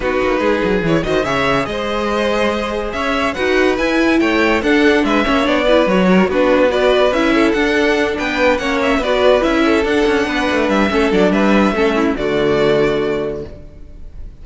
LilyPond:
<<
  \new Staff \with { instrumentName = "violin" } { \time 4/4 \tempo 4 = 143 b'2 cis''8 dis''8 e''4 | dis''2. e''4 | fis''4 gis''4 g''4 fis''4 | e''4 d''4 cis''4 b'4 |
d''4 e''4 fis''4. g''8~ | g''8 fis''8 e''8 d''4 e''4 fis''8~ | fis''4. e''4 d''8 e''4~ | e''4 d''2. | }
  \new Staff \with { instrumentName = "violin" } { \time 4/4 fis'4 gis'4. c''8 cis''4 | c''2. cis''4 | b'2 cis''4 a'4 | b'8 cis''4 b'4 ais'8 fis'4 |
b'4. a'2 b'8~ | b'8 cis''4 b'4. a'4~ | a'8 b'4. a'4 b'4 | a'8 e'8 fis'2. | }
  \new Staff \with { instrumentName = "viola" } { \time 4/4 dis'2 e'8 fis'8 gis'4~ | gis'1 | fis'4 e'2 d'4~ | d'8 cis'8 d'8 e'8 fis'4 d'4 |
fis'4 e'4 d'2~ | d'8 cis'4 fis'4 e'4 d'8~ | d'2 cis'8 d'4. | cis'4 a2. | }
  \new Staff \with { instrumentName = "cello" } { \time 4/4 b8 ais8 gis8 fis8 e8 dis8 cis4 | gis2. cis'4 | dis'4 e'4 a4 d'4 | gis8 ais8 b4 fis4 b4~ |
b4 cis'4 d'4. b8~ | b8 ais4 b4 cis'4 d'8 | cis'8 b8 a8 g8 a8 fis8 g4 | a4 d2. | }
>>